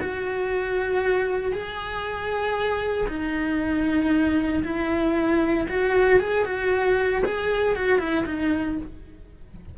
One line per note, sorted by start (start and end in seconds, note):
0.00 1.52 F#4
1.52 3.08 G#4
3.08 4.63 D#4
4.64 5.67 E4
5.69 6.20 F#4
6.20 6.45 G#4
6.45 7.22 F#4
7.25 7.75 G#4
7.75 7.99 F#4
7.99 8.25 E4
8.26 8.77 D#4